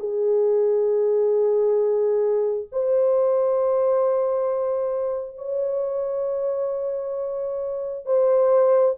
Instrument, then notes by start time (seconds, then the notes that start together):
horn
0.00 G#4
2.72 C5
5.38 C#5
8.06 C5